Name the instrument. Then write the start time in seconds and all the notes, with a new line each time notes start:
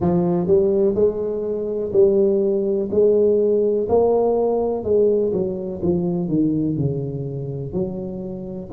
tuba
0.00 F3
0.47 G3
0.95 G#3
1.92 G3
2.91 G#3
3.88 A#3
4.83 G#3
5.32 F#3
5.82 F3
6.28 D#3
6.77 C#3
7.73 F#3